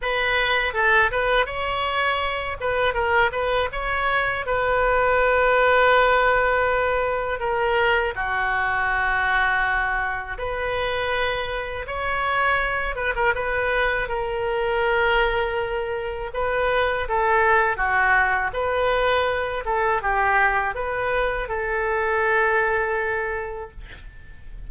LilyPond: \new Staff \with { instrumentName = "oboe" } { \time 4/4 \tempo 4 = 81 b'4 a'8 b'8 cis''4. b'8 | ais'8 b'8 cis''4 b'2~ | b'2 ais'4 fis'4~ | fis'2 b'2 |
cis''4. b'16 ais'16 b'4 ais'4~ | ais'2 b'4 a'4 | fis'4 b'4. a'8 g'4 | b'4 a'2. | }